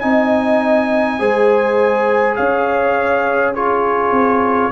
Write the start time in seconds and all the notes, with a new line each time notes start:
0.00 C4 D#4 D#5 G#5
1.19 G#3 G#4 C5
2.36 C#4 C#5 F5
3.54 F4 G#4 C#5
4.11 C4